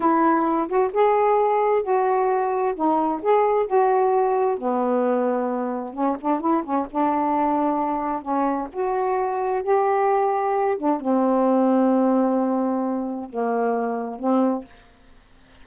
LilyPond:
\new Staff \with { instrumentName = "saxophone" } { \time 4/4 \tempo 4 = 131 e'4. fis'8 gis'2 | fis'2 dis'4 gis'4 | fis'2 b2~ | b4 cis'8 d'8 e'8 cis'8 d'4~ |
d'2 cis'4 fis'4~ | fis'4 g'2~ g'8 d'8 | c'1~ | c'4 ais2 c'4 | }